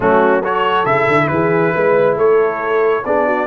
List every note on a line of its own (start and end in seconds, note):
0.00 0.85 F#3
0.00 0.42 A3
0.00 0.43 C#4
0.00 0.44 F#4
0.43 0.86 F#4
0.43 1.30 A4
0.43 0.85 C#5
0.85 1.07 C#3
0.85 3.03 E4
0.85 1.27 E5
1.07 1.29 D3
1.27 1.73 E3
1.27 1.74 G#4
1.27 2.14 B4
1.74 2.16 G#3
1.74 2.16 B4
2.16 3.03 A3
2.16 3.03 A4
2.16 3.05 C#5
3.04 3.47 B3
3.04 3.47 D4
3.04 3.26 G#4
3.04 3.47 D5
3.26 3.47 F#4